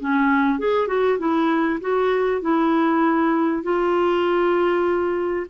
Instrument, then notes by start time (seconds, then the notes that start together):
clarinet
0.00 C#4
0.59 G#4
0.88 F#4
1.19 E4
1.81 F#4
2.42 E4
3.63 F4